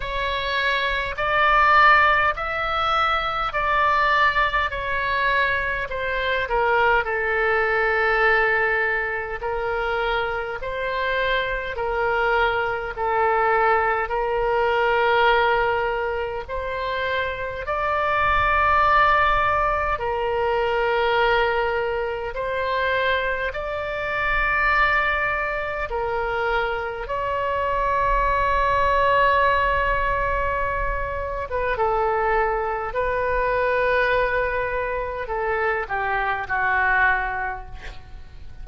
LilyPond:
\new Staff \with { instrumentName = "oboe" } { \time 4/4 \tempo 4 = 51 cis''4 d''4 e''4 d''4 | cis''4 c''8 ais'8 a'2 | ais'4 c''4 ais'4 a'4 | ais'2 c''4 d''4~ |
d''4 ais'2 c''4 | d''2 ais'4 cis''4~ | cis''2~ cis''8. b'16 a'4 | b'2 a'8 g'8 fis'4 | }